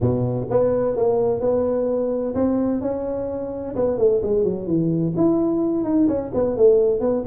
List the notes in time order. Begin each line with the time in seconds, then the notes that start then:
0.00 B2
0.50 B3
0.96 A#3
1.40 B3
2.34 C4
2.81 C#4
3.75 B3
3.97 A3
4.23 G#3
4.44 F#3
4.66 E3
5.16 E4
5.84 D#4
6.07 C#4
6.33 B3
6.56 A3
7.00 B3